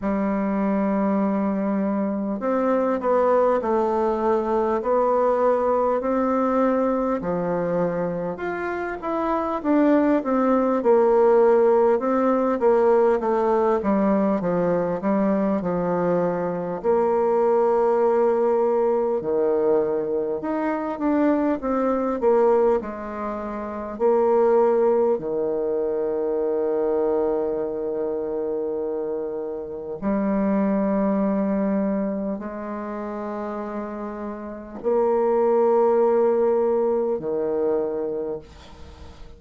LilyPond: \new Staff \with { instrumentName = "bassoon" } { \time 4/4 \tempo 4 = 50 g2 c'8 b8 a4 | b4 c'4 f4 f'8 e'8 | d'8 c'8 ais4 c'8 ais8 a8 g8 | f8 g8 f4 ais2 |
dis4 dis'8 d'8 c'8 ais8 gis4 | ais4 dis2.~ | dis4 g2 gis4~ | gis4 ais2 dis4 | }